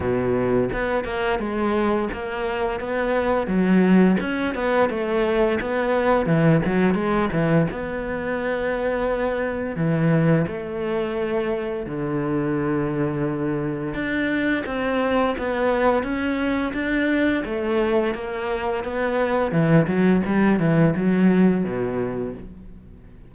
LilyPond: \new Staff \with { instrumentName = "cello" } { \time 4/4 \tempo 4 = 86 b,4 b8 ais8 gis4 ais4 | b4 fis4 cis'8 b8 a4 | b4 e8 fis8 gis8 e8 b4~ | b2 e4 a4~ |
a4 d2. | d'4 c'4 b4 cis'4 | d'4 a4 ais4 b4 | e8 fis8 g8 e8 fis4 b,4 | }